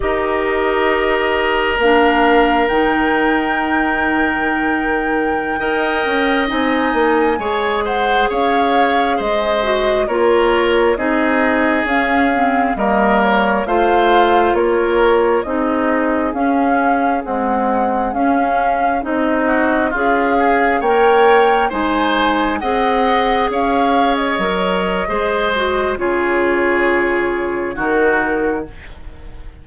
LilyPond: <<
  \new Staff \with { instrumentName = "flute" } { \time 4/4 \tempo 4 = 67 dis''2 f''4 g''4~ | g''2.~ g''16 gis''8.~ | gis''8. fis''8 f''4 dis''4 cis''8.~ | cis''16 dis''4 f''4 dis''8 cis''8 f''8.~ |
f''16 cis''4 dis''4 f''4 fis''8.~ | fis''16 f''4 dis''4 f''4 g''8.~ | g''16 gis''4 fis''4 f''8. dis''4~ | dis''4 cis''2 ais'4 | }
  \new Staff \with { instrumentName = "oboe" } { \time 4/4 ais'1~ | ais'2~ ais'16 dis''4.~ dis''16~ | dis''16 cis''8 c''8 cis''4 c''4 ais'8.~ | ais'16 gis'2 ais'4 c''8.~ |
c''16 ais'4 gis'2~ gis'8.~ | gis'4.~ gis'16 fis'8 f'8 gis'8 cis''8.~ | cis''16 c''4 dis''4 cis''4.~ cis''16 | c''4 gis'2 fis'4 | }
  \new Staff \with { instrumentName = "clarinet" } { \time 4/4 g'2 d'4 dis'4~ | dis'2~ dis'16 ais'4 dis'8.~ | dis'16 gis'2~ gis'8 fis'8 f'8.~ | f'16 dis'4 cis'8 c'8 ais4 f'8.~ |
f'4~ f'16 dis'4 cis'4 gis8.~ | gis16 cis'4 dis'4 gis'4 ais'8.~ | ais'16 dis'4 gis'2 ais'8. | gis'8 fis'8 f'2 dis'4 | }
  \new Staff \with { instrumentName = "bassoon" } { \time 4/4 dis'2 ais4 dis4~ | dis2~ dis16 dis'8 cis'8 c'8 ais16~ | ais16 gis4 cis'4 gis4 ais8.~ | ais16 c'4 cis'4 g4 a8.~ |
a16 ais4 c'4 cis'4 c'8.~ | c'16 cis'4 c'4 cis'4 ais8.~ | ais16 gis4 c'4 cis'4 fis8. | gis4 cis2 dis4 | }
>>